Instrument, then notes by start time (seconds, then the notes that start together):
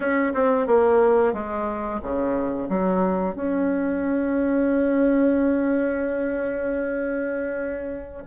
bassoon
0.00 C#4
0.33 C4
0.66 A#3
1.33 G#3
2.03 C#3
2.68 F#3
3.35 C#4